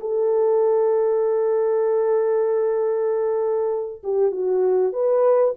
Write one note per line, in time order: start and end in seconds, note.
0.00 4.02 A4
4.03 4.31 G4
4.31 4.93 F#4
4.93 5.54 B4